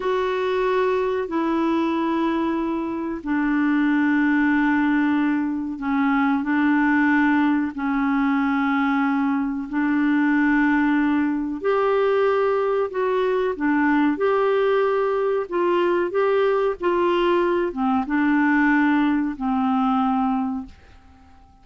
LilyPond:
\new Staff \with { instrumentName = "clarinet" } { \time 4/4 \tempo 4 = 93 fis'2 e'2~ | e'4 d'2.~ | d'4 cis'4 d'2 | cis'2. d'4~ |
d'2 g'2 | fis'4 d'4 g'2 | f'4 g'4 f'4. c'8 | d'2 c'2 | }